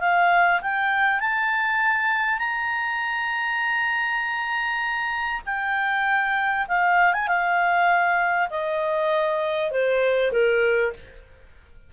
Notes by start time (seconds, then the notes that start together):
0.00 F5
0.61 G5
1.20 A5
2.39 A#5
5.45 G5
6.68 F5
7.13 G#5
7.28 F5
8.50 D#5
9.71 C5
10.32 A#4